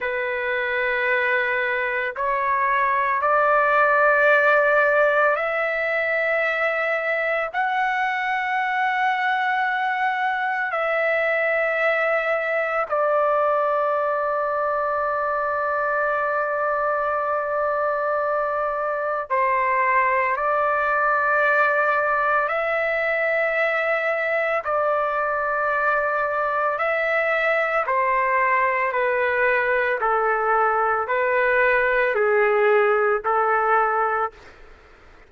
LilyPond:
\new Staff \with { instrumentName = "trumpet" } { \time 4/4 \tempo 4 = 56 b'2 cis''4 d''4~ | d''4 e''2 fis''4~ | fis''2 e''2 | d''1~ |
d''2 c''4 d''4~ | d''4 e''2 d''4~ | d''4 e''4 c''4 b'4 | a'4 b'4 gis'4 a'4 | }